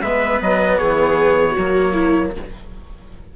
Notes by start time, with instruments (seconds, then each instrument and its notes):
0.00 bassoon G#3, cello B3, viola B4, trumpet E5
0.41 bassoon F#3, trumpet D#5
0.77 bassoon E3, viola G#4, trumpet C#5
1.51 bassoon F#3, viola F#4
1.59 cello A#3
1.92 viola E4